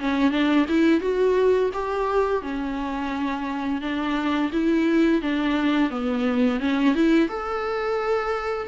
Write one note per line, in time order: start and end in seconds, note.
0.00 0.31 C#4
0.31 0.66 D4
0.69 1.01 E4
1.01 1.70 F#4
1.74 2.42 G4
2.42 3.82 C#4
3.82 4.51 D4
4.53 5.22 E4
5.22 5.90 D4
5.90 6.60 B3
6.60 6.95 C#4
6.95 7.29 E4
7.29 8.68 A4